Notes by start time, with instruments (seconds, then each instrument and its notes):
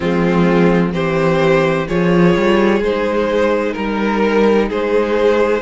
0.00 cello F3, viola G#3, violin C4 F4
0.91 cello E3, viola C4, violin G4 C5
1.87 cello F3, viola F4, violin G#4 C#5
2.36 cello G3
2.80 cello G#3, viola D#4, violin C5
3.73 cello G3, violin A#4
4.69 cello G#3, violin G#4 C5